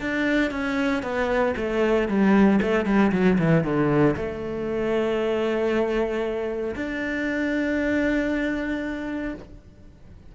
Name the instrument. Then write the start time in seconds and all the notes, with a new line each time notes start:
cello
0.00 D4
0.51 C#4
1.02 B3
1.56 A3
2.08 G3
2.61 A3
2.85 G3
3.12 F#3
3.38 E3
3.63 D3
4.16 A3
6.75 D4